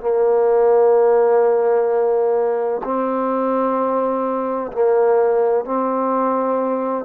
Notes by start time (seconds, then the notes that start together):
0.00 A#3
2.84 C4
4.72 A#3
5.65 C4